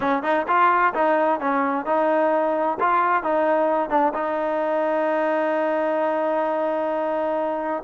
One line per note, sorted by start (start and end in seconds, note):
0.00 0.22 C#4
0.22 0.46 D#4
0.47 0.93 F4
0.94 1.40 D#4
1.40 1.85 C#4
1.85 2.78 D#4
2.80 3.23 F4
3.23 3.89 D#4
3.89 4.12 D4
4.13 7.83 D#4